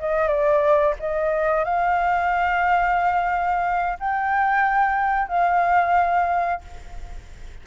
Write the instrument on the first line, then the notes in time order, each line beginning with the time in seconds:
flute
0.00 D#5
0.28 D5
1.00 D#5
1.65 F5
4.00 G5
5.28 F5